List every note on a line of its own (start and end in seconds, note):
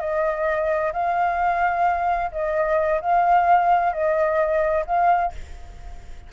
0.00 0.92 D#5
0.93 2.31 F5
2.31 3.00 D#5
3.01 3.93 F5
3.93 4.85 D#5
4.86 5.32 F5